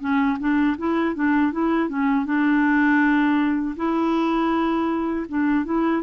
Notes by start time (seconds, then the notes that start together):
0.00 C#4
0.39 D4
0.77 E4
1.15 D4
1.52 E4
1.89 C#4
2.25 D4
3.76 E4
5.28 D4
5.65 E4